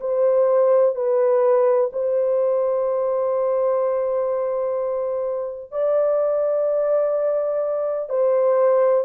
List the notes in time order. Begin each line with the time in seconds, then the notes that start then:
0.00 C5
0.95 B4
1.92 C5
5.71 D5
8.09 C5